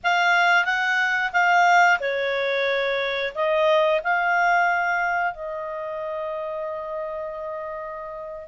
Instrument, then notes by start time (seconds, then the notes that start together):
clarinet
0.03 F5
0.64 F#5
1.32 F5
2.00 C#5
3.34 D#5
4.03 F5
5.33 D#5